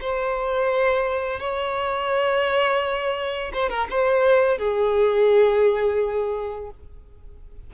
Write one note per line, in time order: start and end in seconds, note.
0.00 1.40 C5
1.40 3.51 C#5
3.53 3.69 C5
3.69 3.87 A#4
3.90 4.58 C5
4.58 6.70 G#4